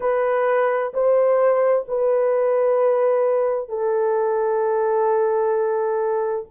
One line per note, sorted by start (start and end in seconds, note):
0.00 0.92 B4
0.93 1.85 C5
1.88 3.68 B4
3.68 6.45 A4